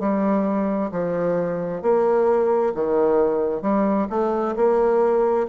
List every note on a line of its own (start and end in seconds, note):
0.00 0.91 G3
0.92 1.82 F3
1.82 2.73 A#3
2.75 3.62 D#3
3.62 4.08 G3
4.10 4.55 A3
4.57 5.48 A#3